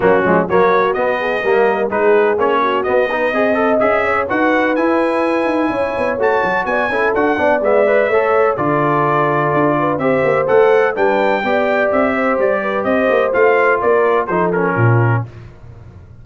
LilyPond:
<<
  \new Staff \with { instrumentName = "trumpet" } { \time 4/4 \tempo 4 = 126 fis'4 cis''4 dis''2 | b'4 cis''4 dis''2 | e''4 fis''4 gis''2~ | gis''4 a''4 gis''4 fis''4 |
e''2 d''2~ | d''4 e''4 fis''4 g''4~ | g''4 e''4 d''4 dis''4 | f''4 d''4 c''8 ais'4. | }
  \new Staff \with { instrumentName = "horn" } { \time 4/4 cis'4 fis'4. gis'8 ais'4 | gis'4. fis'4 b'8 dis''4~ | dis''8 cis''8 b'2. | cis''2 d''8 a'4 d''8~ |
d''4 cis''4 a'2~ | a'8 b'8 c''2 b'4 | d''4. c''4 b'8 c''4~ | c''4 ais'4 a'4 f'4 | }
  \new Staff \with { instrumentName = "trombone" } { \time 4/4 ais8 gis8 ais4 b4 ais4 | dis'4 cis'4 b8 dis'8 gis'8 a'8 | gis'4 fis'4 e'2~ | e'4 fis'4. e'8 fis'8 d'8 |
b8 b'8 a'4 f'2~ | f'4 g'4 a'4 d'4 | g'1 | f'2 dis'8 cis'4. | }
  \new Staff \with { instrumentName = "tuba" } { \time 4/4 fis8 f8 fis4 b4 g4 | gis4 ais4 b4 c'4 | cis'4 dis'4 e'4. dis'8 | cis'8 b8 a8 fis8 b8 cis'8 d'8 b8 |
gis4 a4 d2 | d'4 c'8 ais8 a4 g4 | b4 c'4 g4 c'8 ais8 | a4 ais4 f4 ais,4 | }
>>